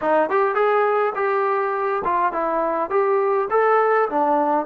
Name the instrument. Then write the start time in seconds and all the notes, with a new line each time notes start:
trombone
0.01 D#4
0.29 G4
0.54 G#4
1.15 G4
2.04 F4
2.32 E4
2.90 G4
3.50 A4
4.09 D4